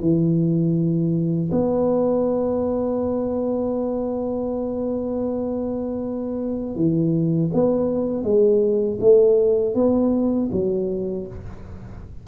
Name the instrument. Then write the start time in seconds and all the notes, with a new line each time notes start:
tuba
0.00 E3
1.51 B3
6.75 E3
7.53 B3
8.23 G#3
9.00 A3
9.74 B3
10.51 F#3